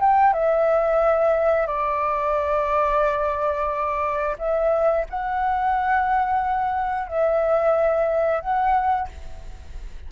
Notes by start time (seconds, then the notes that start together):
0.00 G5
0.33 E5
1.67 D5
4.38 E5
5.10 F#5
7.08 E5
8.41 F#5